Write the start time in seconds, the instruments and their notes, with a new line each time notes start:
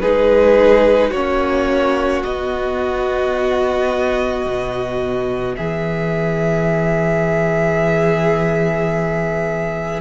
0.00 cello G#3, viola D#4, violin G#4 B4
1.10 cello A#3, viola C#4, violin F#4 C#5
2.23 viola B3, cello B3, violin D#5
4.46 cello B2
5.55 cello E3, violin G#4 E5